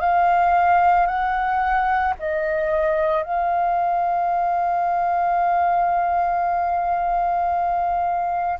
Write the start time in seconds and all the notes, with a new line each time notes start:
0.00 F5
1.06 F#5
2.19 D#5
3.23 F5